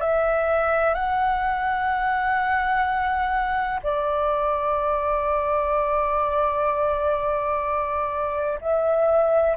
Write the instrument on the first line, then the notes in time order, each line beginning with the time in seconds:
flute
0.00 E5
0.94 F#5
3.83 D5
8.61 E5